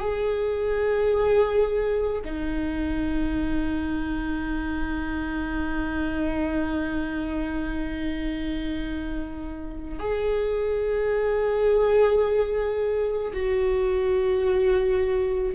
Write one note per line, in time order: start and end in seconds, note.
0.00 2.22 G#4
2.25 9.99 D#4
9.99 13.33 G#4
13.33 15.55 F#4